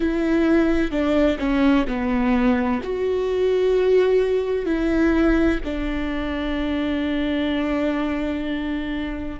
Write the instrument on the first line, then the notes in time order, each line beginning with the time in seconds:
viola
0.00 E4
0.91 D4
1.38 C#4
1.87 B3
2.83 F#4
4.65 E4
5.64 D4